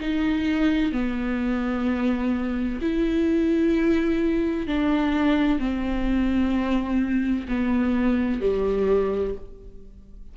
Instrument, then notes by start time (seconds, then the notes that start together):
viola
0.00 D#4
0.92 B3
2.81 E4
4.67 D4
5.59 C4
7.48 B3
8.41 G3